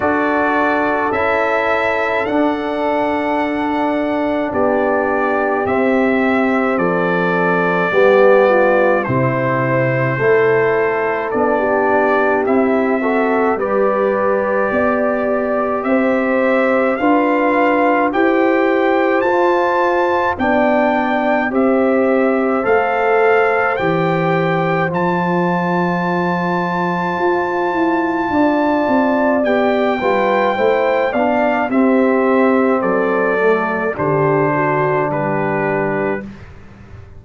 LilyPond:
<<
  \new Staff \with { instrumentName = "trumpet" } { \time 4/4 \tempo 4 = 53 d''4 e''4 fis''2 | d''4 e''4 d''2 | c''2 d''4 e''4 | d''2 e''4 f''4 |
g''4 a''4 g''4 e''4 | f''4 g''4 a''2~ | a''2 g''4. f''8 | e''4 d''4 c''4 b'4 | }
  \new Staff \with { instrumentName = "horn" } { \time 4/4 a'1 | g'2 a'4 g'8 f'8 | e'4 a'4~ a'16 g'4~ g'16 a'8 | b'4 d''4 c''4 b'4 |
c''2 d''4 c''4~ | c''1~ | c''4 d''4. b'8 c''8 d''8 | g'4 a'4 g'8 fis'8 g'4 | }
  \new Staff \with { instrumentName = "trombone" } { \time 4/4 fis'4 e'4 d'2~ | d'4 c'2 b4 | c'4 e'4 d'4 e'8 fis'8 | g'2. f'4 |
g'4 f'4 d'4 g'4 | a'4 g'4 f'2~ | f'2 g'8 f'8 e'8 d'8 | c'4. a8 d'2 | }
  \new Staff \with { instrumentName = "tuba" } { \time 4/4 d'4 cis'4 d'2 | b4 c'4 f4 g4 | c4 a4 b4 c'4 | g4 b4 c'4 d'4 |
e'4 f'4 b4 c'4 | a4 e4 f2 | f'8 e'8 d'8 c'8 b8 g8 a8 b8 | c'4 fis4 d4 g4 | }
>>